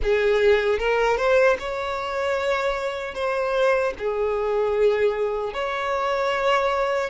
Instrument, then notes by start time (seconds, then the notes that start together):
violin
0.02 G#4
0.78 A#4
1.17 C5
1.59 C#5
3.14 C5
3.98 G#4
5.53 C#5